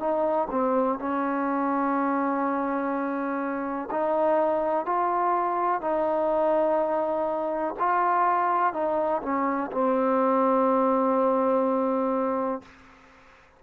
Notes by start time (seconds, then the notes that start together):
0.00 D#4
0.51 C4
0.99 C#4
3.91 D#4
4.86 F4
5.82 D#4
7.80 F4
8.74 D#4
9.23 C#4
9.72 C4